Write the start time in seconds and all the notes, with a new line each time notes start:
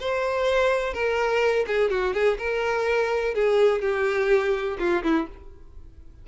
0.00 C5
0.93 A#4
1.67 G#4
1.90 F#4
2.14 G#4
2.38 A#4
3.34 G#4
3.81 G4
4.78 F4
5.03 E4